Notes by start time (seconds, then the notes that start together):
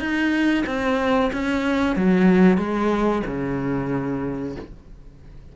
0.00 D#4
0.67 C4
1.33 C#4
1.97 F#3
2.58 G#3
3.27 C#3